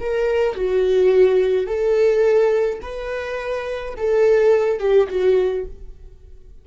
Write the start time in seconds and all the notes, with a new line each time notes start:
0.00 A#4
0.56 F#4
1.67 A4
2.82 B4
3.97 A4
4.80 G4
5.09 F#4